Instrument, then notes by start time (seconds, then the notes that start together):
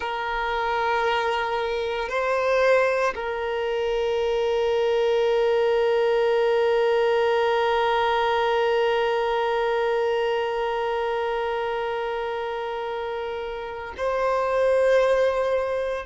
violin
0.00 A#4
2.08 C5
3.15 A#4
13.97 C5